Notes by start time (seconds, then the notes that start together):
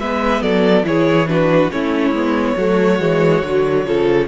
0.00 G#3 B3 B4 E5
0.42 F#3 A4 D5
0.84 E3 E4 G#4 C#5
1.28 D4 F#4 B4
1.71 A3 C#4 E4 C#5
2.12 G#3 B3
2.57 F#3 A3 F#4
3.00 E3 G#3
3.42 D3 F#3
3.86 C#3 F3 A4